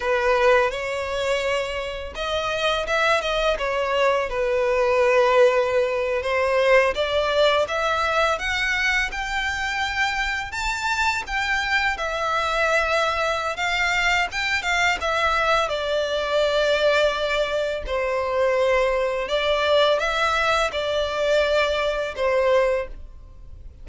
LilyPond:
\new Staff \with { instrumentName = "violin" } { \time 4/4 \tempo 4 = 84 b'4 cis''2 dis''4 | e''8 dis''8 cis''4 b'2~ | b'8. c''4 d''4 e''4 fis''16~ | fis''8. g''2 a''4 g''16~ |
g''8. e''2~ e''16 f''4 | g''8 f''8 e''4 d''2~ | d''4 c''2 d''4 | e''4 d''2 c''4 | }